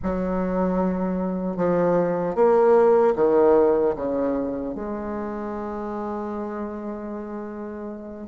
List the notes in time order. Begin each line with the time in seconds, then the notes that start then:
0.03 F#3
1.56 F3
2.35 A#3
3.15 D#3
3.95 C#3
4.74 G#3